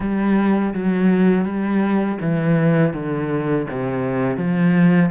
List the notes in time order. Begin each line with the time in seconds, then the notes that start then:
0.00 G3
0.74 F#3
1.44 G3
2.21 E3
2.93 D3
3.70 C3
4.37 F3